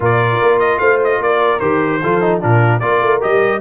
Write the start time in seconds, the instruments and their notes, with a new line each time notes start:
0.00 tuba A#2, trombone F4, horn A#4, trumpet D5
0.41 tuba A#3
0.59 trumpet D#5
0.78 tuba A3, horn C5, trumpet F5
1.04 trumpet D#5
1.19 tuba A#3, horn A#4, trumpet D5
1.59 tuba D#3, trombone G4, trumpet C5
2.01 tuba F3, trombone F4, horn A4
2.21 trombone D#4
2.40 tuba A#2, trombone D4, horn F4, trumpet A#4
2.79 tuba A#3, trombone F4, horn A#4, trumpet D5
3.01 tuba A3
3.21 tuba G3, trombone G4, trumpet D#5